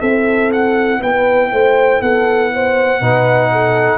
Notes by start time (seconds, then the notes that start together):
0.00 C4 E4 A4 E5
0.52 F#5
1.00 B3 B4 G5
1.52 A3 C5
2.01 B3 A4 F#5
2.54 C5
3.01 B2 D#4 B4
3.52 A4